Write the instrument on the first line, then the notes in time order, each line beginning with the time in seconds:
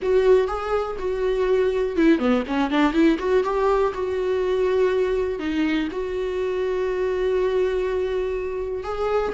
viola
0.01 F#4
0.47 G#4
0.99 F#4
1.96 E4
2.18 B3
2.47 C#4
2.70 D4
2.92 E4
3.18 F#4
3.43 G4
3.93 F#4
5.39 D#4
5.91 F#4
8.83 G#4